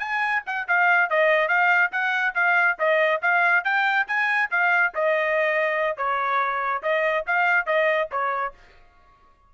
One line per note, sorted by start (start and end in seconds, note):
0.00 0.43 G#5
0.47 0.68 F#5
0.68 1.10 F5
1.10 1.49 D#5
1.49 1.91 F5
1.92 2.35 F#5
2.35 2.78 F5
2.79 3.22 D#5
3.22 3.65 F5
3.65 4.07 G5
4.08 4.50 G#5
4.51 4.94 F5
4.95 5.98 D#5
5.98 6.83 C#5
6.83 7.26 D#5
7.27 7.67 F5
7.67 8.09 D#5
8.12 8.55 C#5